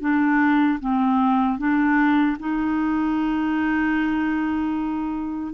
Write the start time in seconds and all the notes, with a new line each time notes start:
0.00 D4
0.80 C4
1.58 D4
2.39 D#4